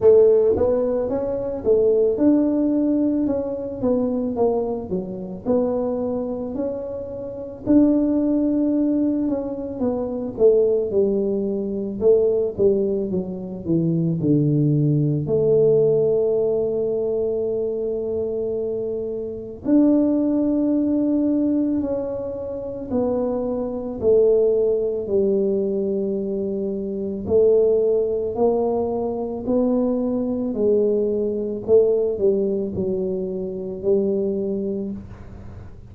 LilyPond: \new Staff \with { instrumentName = "tuba" } { \time 4/4 \tempo 4 = 55 a8 b8 cis'8 a8 d'4 cis'8 b8 | ais8 fis8 b4 cis'4 d'4~ | d'8 cis'8 b8 a8 g4 a8 g8 | fis8 e8 d4 a2~ |
a2 d'2 | cis'4 b4 a4 g4~ | g4 a4 ais4 b4 | gis4 a8 g8 fis4 g4 | }